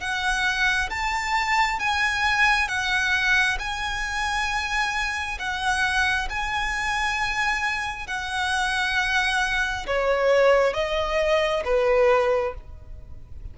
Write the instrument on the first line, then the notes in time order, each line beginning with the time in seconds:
violin
0.00 F#5
0.90 A5
1.80 G#5
2.68 F#5
3.59 G#5
5.39 F#5
6.29 G#5
8.07 F#5
9.86 C#5
10.73 D#5
11.65 B4